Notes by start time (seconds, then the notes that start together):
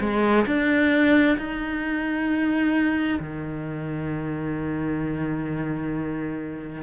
0.00 G#3
0.46 D4
1.38 D#4
3.19 D#3